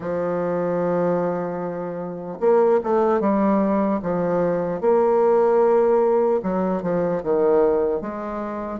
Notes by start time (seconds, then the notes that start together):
0.00 F3
2.40 A#3
2.83 A3
3.20 G3
4.02 F3
4.80 A#3
6.43 F#3
6.82 F3
7.23 D#3
8.01 G#3